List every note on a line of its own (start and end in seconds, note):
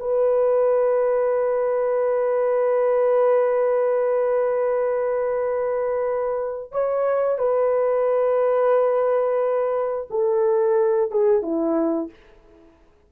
0.00 6.72 B4
6.72 7.38 C#5
7.38 10.08 B4
10.10 11.11 A4
11.11 11.42 G#4
11.42 12.10 E4